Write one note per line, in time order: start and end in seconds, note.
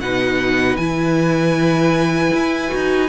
0.00 0.76 B2
0.00 0.79 D#4
0.00 3.09 B4
0.00 0.76 F#5
0.76 2.32 E3
0.76 2.68 E4
0.76 3.09 G#5
2.33 2.72 E4
2.68 3.09 D#4
2.68 3.07 F#4